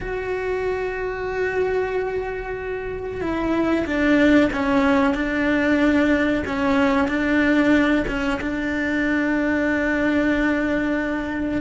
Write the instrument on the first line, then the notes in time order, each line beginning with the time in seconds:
cello
0.01 F#4
3.21 E4
3.86 D4
4.52 C#4
5.14 D4
6.46 C#4
7.08 D4
8.07 C#4
8.40 D4